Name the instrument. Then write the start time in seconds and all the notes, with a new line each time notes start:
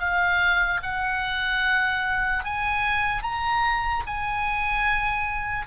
oboe
0.00 F5
0.83 F#5
2.45 G#5
3.23 A#5
4.07 G#5